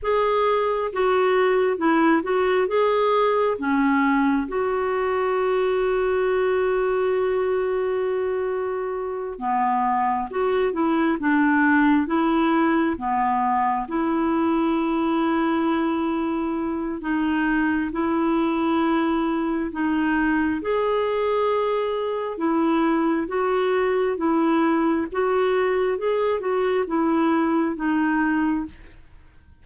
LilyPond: \new Staff \with { instrumentName = "clarinet" } { \time 4/4 \tempo 4 = 67 gis'4 fis'4 e'8 fis'8 gis'4 | cis'4 fis'2.~ | fis'2~ fis'8 b4 fis'8 | e'8 d'4 e'4 b4 e'8~ |
e'2. dis'4 | e'2 dis'4 gis'4~ | gis'4 e'4 fis'4 e'4 | fis'4 gis'8 fis'8 e'4 dis'4 | }